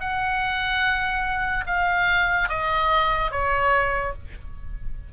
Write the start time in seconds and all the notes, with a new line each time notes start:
0.00 F#5
1.67 F5
2.49 D#5
3.31 C#5